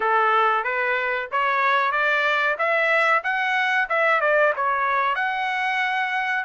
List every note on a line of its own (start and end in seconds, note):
0.00 0.64 A4
0.64 1.28 B4
1.31 1.91 C#5
1.91 2.56 D5
2.58 3.23 E5
3.23 3.88 F#5
3.89 4.21 E5
4.21 4.53 D5
4.56 5.15 C#5
5.15 6.44 F#5